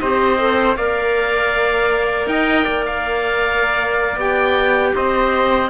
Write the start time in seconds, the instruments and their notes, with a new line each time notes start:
0.00 cello C4, clarinet G4, trumpet C5, oboe D#5
0.38 clarinet A4
0.76 cello A#3, clarinet A#4, trumpet D5, oboe F5
2.27 cello D#4, trumpet D#5, oboe G5
2.64 cello A#3, trumpet D5
2.86 oboe F5
4.17 cello B3, clarinet G4, oboe G5
4.95 cello C4, trumpet C5, oboe D#5